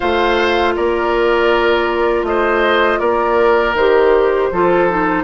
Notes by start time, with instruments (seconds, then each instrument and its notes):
0.00 bassoon A3, clarinet F4, oboe C5, flute F5
0.75 bassoon A#3, oboe A#4, flute D5
2.23 bassoon A3, oboe C5, flute D#5
2.98 bassoon A#3, oboe A#4, flute D5
3.73 bassoon D#3, clarinet G4, flute C5
4.51 bassoon F3, clarinet F4, oboe A4
4.89 clarinet D#4